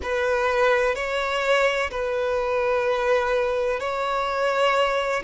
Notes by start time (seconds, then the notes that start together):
0.02 B4
0.95 C#5
1.90 B4
3.80 C#5